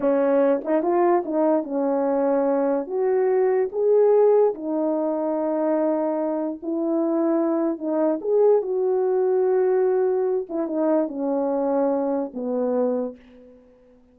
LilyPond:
\new Staff \with { instrumentName = "horn" } { \time 4/4 \tempo 4 = 146 cis'4. dis'8 f'4 dis'4 | cis'2. fis'4~ | fis'4 gis'2 dis'4~ | dis'1 |
e'2. dis'4 | gis'4 fis'2.~ | fis'4. e'8 dis'4 cis'4~ | cis'2 b2 | }